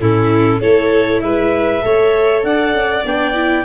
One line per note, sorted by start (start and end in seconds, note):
0.00 0.61 A2
0.00 0.61 C#4
0.00 0.60 E4
0.00 0.61 A4
0.60 1.22 A3
0.60 1.81 E4
0.60 1.20 A4
0.60 1.20 C#5
1.20 1.82 G#3
1.20 1.84 B4
1.20 2.41 E5
1.81 2.43 A3
1.81 3.02 A4
1.81 2.45 C#5
2.43 2.72 D4
2.43 3.64 D5
2.43 3.04 F#5
2.72 3.03 C#4
3.04 3.64 B3
3.04 3.33 D4
3.04 3.64 G5
3.33 3.64 E4